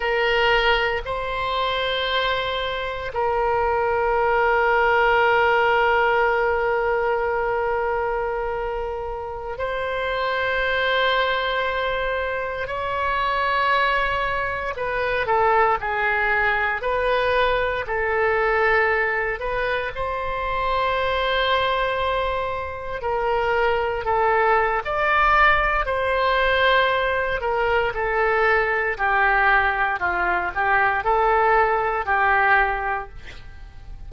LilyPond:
\new Staff \with { instrumentName = "oboe" } { \time 4/4 \tempo 4 = 58 ais'4 c''2 ais'4~ | ais'1~ | ais'4~ ais'16 c''2~ c''8.~ | c''16 cis''2 b'8 a'8 gis'8.~ |
gis'16 b'4 a'4. b'8 c''8.~ | c''2~ c''16 ais'4 a'8. | d''4 c''4. ais'8 a'4 | g'4 f'8 g'8 a'4 g'4 | }